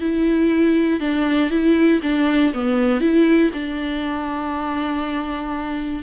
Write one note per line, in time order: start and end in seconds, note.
0.00 1.00 E4
1.00 1.50 D4
1.50 2.00 E4
2.02 2.52 D4
2.53 3.00 B3
3.00 3.51 E4
3.53 6.03 D4